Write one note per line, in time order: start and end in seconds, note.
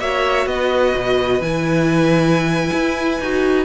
0.00 0.46 A#3
0.00 1.41 F#4
0.00 0.48 C#5
0.00 0.47 E5
0.46 0.93 B3
0.46 3.65 B4
0.46 1.42 D#5
0.95 1.40 B2
1.40 2.70 E3
1.40 3.19 E4
1.40 3.65 G#5
2.73 3.20 E4
3.20 3.65 D#4
3.20 3.65 F#4